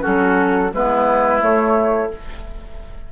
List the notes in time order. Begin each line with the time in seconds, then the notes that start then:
0.00 F#3 C#4 F#4 A4
0.72 G#3 B3 E4 B4
1.40 A3 C#5